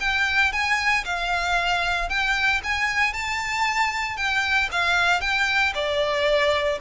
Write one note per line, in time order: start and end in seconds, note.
0.00 0.52 G5
0.52 1.05 G#5
1.05 2.09 F5
2.09 2.61 G5
2.64 3.13 G#5
3.13 4.17 A5
4.17 4.69 G5
4.71 5.21 F5
5.21 5.73 G5
5.74 6.78 D5